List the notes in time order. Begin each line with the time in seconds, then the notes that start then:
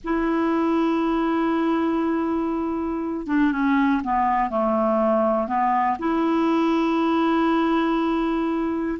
0.04 E4
3.27 D4
3.52 C#4
4.03 B3
4.50 A3
5.47 B3
5.99 E4